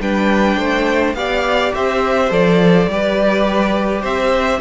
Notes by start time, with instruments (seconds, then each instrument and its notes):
0.00 cello G3, viola D4, violin B4 G5
0.56 cello A3, violin C5
1.14 cello B3, viola G4, violin D5 F5
1.74 cello C4, violin C5 E5
2.30 cello F3, viola A4, violin D5
2.87 cello G3, viola G4, violin B4
4.01 cello C4, violin C5 E5